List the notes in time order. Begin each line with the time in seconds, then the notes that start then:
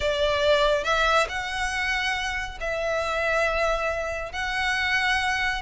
0.00 D5
0.83 E5
1.28 F#5
2.60 E5
4.32 F#5